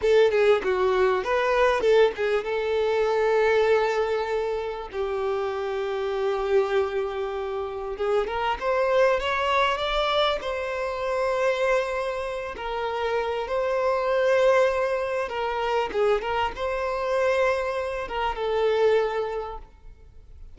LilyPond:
\new Staff \with { instrumentName = "violin" } { \time 4/4 \tempo 4 = 98 a'8 gis'8 fis'4 b'4 a'8 gis'8 | a'1 | g'1~ | g'4 gis'8 ais'8 c''4 cis''4 |
d''4 c''2.~ | c''8 ais'4. c''2~ | c''4 ais'4 gis'8 ais'8 c''4~ | c''4. ais'8 a'2 | }